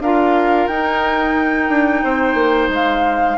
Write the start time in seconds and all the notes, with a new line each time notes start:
0.00 D4 F4 A#4 F5
0.67 D#4 G5
1.69 D4
2.04 C4 C5
2.35 A#3
2.69 G#3 F5